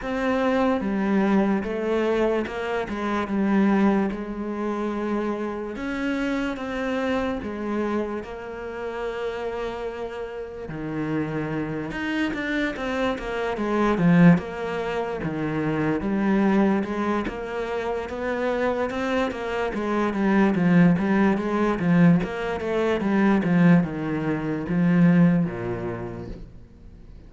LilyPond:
\new Staff \with { instrumentName = "cello" } { \time 4/4 \tempo 4 = 73 c'4 g4 a4 ais8 gis8 | g4 gis2 cis'4 | c'4 gis4 ais2~ | ais4 dis4. dis'8 d'8 c'8 |
ais8 gis8 f8 ais4 dis4 g8~ | g8 gis8 ais4 b4 c'8 ais8 | gis8 g8 f8 g8 gis8 f8 ais8 a8 | g8 f8 dis4 f4 ais,4 | }